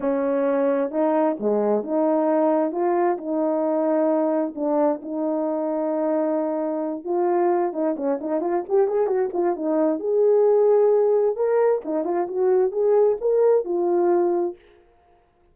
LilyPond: \new Staff \with { instrumentName = "horn" } { \time 4/4 \tempo 4 = 132 cis'2 dis'4 gis4 | dis'2 f'4 dis'4~ | dis'2 d'4 dis'4~ | dis'2.~ dis'8 f'8~ |
f'4 dis'8 cis'8 dis'8 f'8 g'8 gis'8 | fis'8 f'8 dis'4 gis'2~ | gis'4 ais'4 dis'8 f'8 fis'4 | gis'4 ais'4 f'2 | }